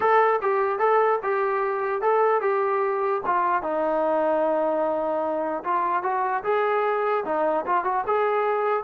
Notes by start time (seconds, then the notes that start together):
0.00 A4
0.42 G4
0.78 A4
1.22 G4
2.01 A4
2.41 G4
3.25 F4
3.62 D#4
5.63 F4
6.02 F#4
6.43 G#4
7.24 D#4
7.66 F4
7.84 F#4
8.06 G#4